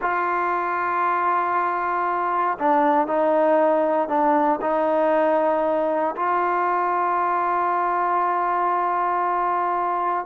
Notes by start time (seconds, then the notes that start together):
0.01 F4
2.58 D4
3.07 D#4
4.08 D4
4.61 D#4
6.15 F4